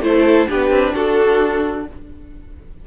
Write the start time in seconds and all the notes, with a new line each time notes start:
0.00 A3 E4 C5
0.07 A4
0.48 B3 D4 G4 B4
0.70 C4
0.94 D4 F#4 A4